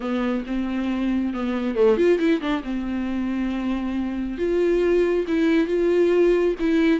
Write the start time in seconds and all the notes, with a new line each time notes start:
0.00 B3
0.46 C4
1.33 B3
1.75 A3
1.97 F4
2.18 E4
2.40 D4
2.63 C4
4.38 F4
5.27 E4
5.67 F4
6.59 E4